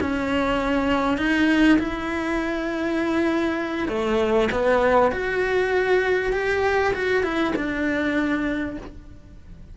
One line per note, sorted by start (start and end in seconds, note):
0.00 1.17 C#4
1.17 1.78 D#4
1.79 3.88 E4
3.88 4.49 A3
4.51 5.12 B3
5.12 6.33 F#4
6.33 6.93 G4
6.94 7.23 F#4
7.23 7.53 E4
7.56 8.77 D4